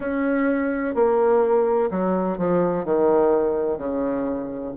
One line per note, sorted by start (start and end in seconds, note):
0.00 0.94 C#4
0.94 1.90 A#3
1.90 2.38 F#3
2.38 2.84 F3
2.84 3.78 D#3
3.78 4.73 C#3